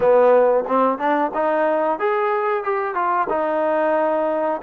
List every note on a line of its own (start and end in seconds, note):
0.00 0.64 B3
0.67 0.98 C4
0.98 1.31 D4
1.34 1.99 D#4
1.99 2.63 G#4
2.63 2.94 G4
2.94 3.27 F4
3.29 4.61 D#4